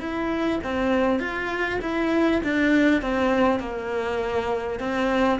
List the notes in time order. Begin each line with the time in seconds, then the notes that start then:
0.00 E4
0.63 C4
1.19 F4
1.81 E4
2.43 D4
3.01 C4
3.59 A#3
4.79 C4